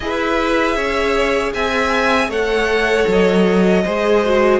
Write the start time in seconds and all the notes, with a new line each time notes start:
0.00 E4 G#4 B4 E5
0.76 C#4 C#5
1.53 C4 E5 G#5
2.28 A3 A4 C#5 F#5
3.07 F#3 D#5
3.84 G#3 G#4 C5
4.25 F#4